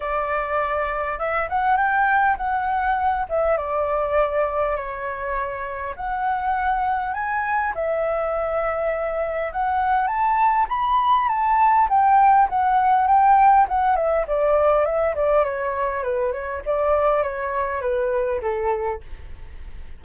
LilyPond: \new Staff \with { instrumentName = "flute" } { \time 4/4 \tempo 4 = 101 d''2 e''8 fis''8 g''4 | fis''4. e''8 d''2 | cis''2 fis''2 | gis''4 e''2. |
fis''4 a''4 b''4 a''4 | g''4 fis''4 g''4 fis''8 e''8 | d''4 e''8 d''8 cis''4 b'8 cis''8 | d''4 cis''4 b'4 a'4 | }